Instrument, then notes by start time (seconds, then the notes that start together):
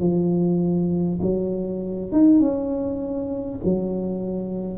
tuba
0.00 F3
1.22 F#3
2.12 D#4
2.40 C#4
3.64 F#3